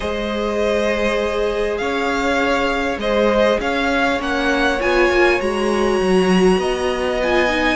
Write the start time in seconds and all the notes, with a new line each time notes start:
0.00 G#3 G#4 C5 D#5
1.77 C#4 C#5 F5
2.97 G#3 C5 D#5
3.60 C#4 C#5 F5
4.18 A#3 C#4 F#5
4.80 B3 F4 G#5
5.09 A#3
5.40 G#3 F#4 A#5
6.00 F#3
6.57 B3 D#5
7.22 F4 G#5
7.48 D#4